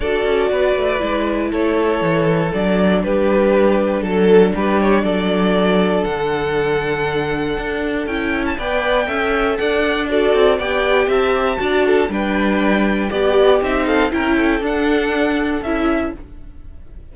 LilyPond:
<<
  \new Staff \with { instrumentName = "violin" } { \time 4/4 \tempo 4 = 119 d''2. cis''4~ | cis''4 d''4 b'2 | a'4 b'8 cis''8 d''2 | fis''1 |
g''8. a''16 g''2 fis''4 | d''4 g''4 a''2 | g''2 d''4 e''8 f''8 | g''4 fis''2 e''4 | }
  \new Staff \with { instrumentName = "violin" } { \time 4/4 a'4 b'2 a'4~ | a'2 g'2 | a'4 g'4 a'2~ | a'1~ |
a'4 d''4 e''4 d''4 | a'4 d''4 e''4 d''8 a'8 | b'2 g'4. a'8 | ais'8 a'2.~ a'8 | }
  \new Staff \with { instrumentName = "viola" } { \time 4/4 fis'2 e'2~ | e'4 d'2.~ | d'1~ | d'1 |
e'4 b'4 a'2 | fis'4 g'2 fis'4 | d'2 g'4 dis'4 | e'4 d'2 e'4 | }
  \new Staff \with { instrumentName = "cello" } { \time 4/4 d'8 cis'8 b8 a8 gis4 a4 | e4 fis4 g2 | fis4 g4 fis2 | d2. d'4 |
cis'4 b4 cis'4 d'4~ | d'8 c'8 b4 c'4 d'4 | g2 b4 c'4 | cis'4 d'2 cis'4 | }
>>